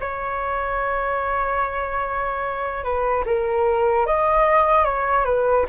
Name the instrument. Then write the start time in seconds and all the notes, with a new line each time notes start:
flute
0.00 C#5
2.84 B4
3.26 A#4
4.07 D#5
4.85 C#5
5.25 B4